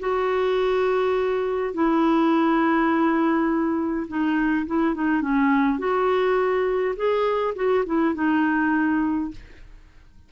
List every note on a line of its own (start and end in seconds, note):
0.00 1.74 F#4
1.74 4.07 E4
4.08 4.66 D#4
4.67 4.95 E4
4.95 5.21 D#4
5.21 5.79 C#4
5.79 6.95 F#4
6.96 7.54 G#4
7.55 7.85 F#4
7.86 8.15 E4
8.15 9.31 D#4